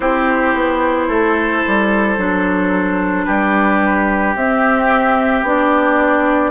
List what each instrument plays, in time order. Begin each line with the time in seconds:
0.00 bassoon C4, clarinet E4, oboe G4, flute C5
0.54 bassoon B3
1.07 bassoon A3, oboe A4
1.67 bassoon G3
2.17 bassoon F#3, clarinet D4
3.24 bassoon G3, oboe G4, flute B4
4.35 bassoon C4, clarinet C4, flute E5
5.42 bassoon B3, clarinet D4, flute D5